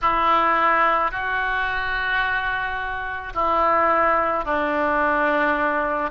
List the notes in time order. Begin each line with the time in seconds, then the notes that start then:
0.01 E4
1.11 F#4
3.34 E4
4.44 D4